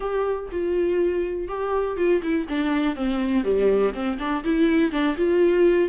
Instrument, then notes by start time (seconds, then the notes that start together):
viola
0.00 G4
0.51 F4
1.48 G4
1.96 F4
2.22 E4
2.48 D4
2.95 C4
3.44 G3
3.93 C4
4.18 D4
4.44 E4
4.91 D4
5.16 F4